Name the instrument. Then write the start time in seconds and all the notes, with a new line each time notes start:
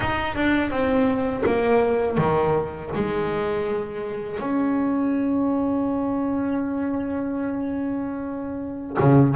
double bass
0.00 D#4
0.35 D4
0.70 C4
1.46 A#3
2.18 D#3
2.94 G#3
4.39 C#4
8.99 C#3